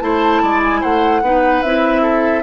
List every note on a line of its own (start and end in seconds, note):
0.00 0.42 A3
0.00 1.22 E4
0.00 0.42 C5
0.00 0.61 A5
0.42 0.83 G#3
0.42 0.81 D5
0.64 0.83 G#5
0.81 1.22 A3
0.81 1.21 C5
0.81 1.62 F#5
1.22 1.62 B3
1.22 1.64 D#4
1.22 2.03 B4
1.62 2.43 C4
1.62 2.43 E4
1.62 2.43 E5
2.03 2.43 A4